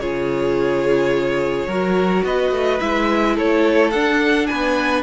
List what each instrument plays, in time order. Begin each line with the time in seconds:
0.00 cello C#3, viola F4, violin G#4 C#5
1.67 cello F#3, viola F#4, violin A#4
2.24 cello B3, violin B4 D#5
2.51 cello A3
2.80 cello G#3, viola E4, violin E5
3.36 cello A3, violin A4 C#5
3.91 cello D4, viola D4, violin F#5
4.47 cello B3, violin B4 G#5